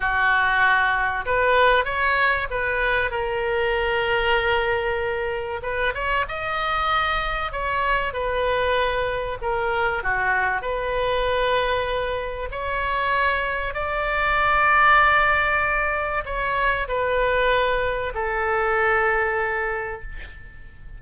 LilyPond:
\new Staff \with { instrumentName = "oboe" } { \time 4/4 \tempo 4 = 96 fis'2 b'4 cis''4 | b'4 ais'2.~ | ais'4 b'8 cis''8 dis''2 | cis''4 b'2 ais'4 |
fis'4 b'2. | cis''2 d''2~ | d''2 cis''4 b'4~ | b'4 a'2. | }